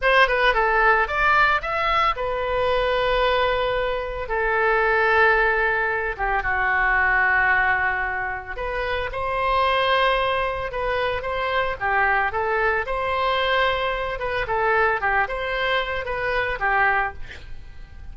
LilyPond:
\new Staff \with { instrumentName = "oboe" } { \time 4/4 \tempo 4 = 112 c''8 b'8 a'4 d''4 e''4 | b'1 | a'2.~ a'8 g'8 | fis'1 |
b'4 c''2. | b'4 c''4 g'4 a'4 | c''2~ c''8 b'8 a'4 | g'8 c''4. b'4 g'4 | }